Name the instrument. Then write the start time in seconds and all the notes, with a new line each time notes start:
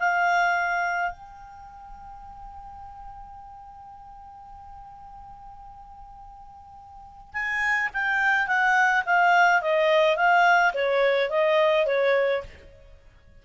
clarinet
0.00 F5
1.12 G5
7.34 G#5
7.94 G5
8.48 F#5
9.06 F5
9.62 D#5
10.17 F5
10.74 C#5
11.31 D#5
11.87 C#5